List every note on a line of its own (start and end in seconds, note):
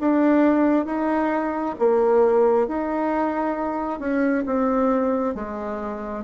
0.00 0.85 D4
0.85 1.75 D#4
1.79 2.67 A#3
2.67 4.00 D#4
4.00 4.45 C#4
4.46 5.34 C4
5.34 6.24 G#3